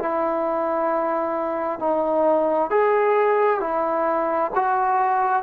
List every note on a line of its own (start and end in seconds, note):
0.00 1.80 E4
1.80 2.71 D#4
2.71 3.60 G#4
3.60 4.52 E4
4.56 5.43 F#4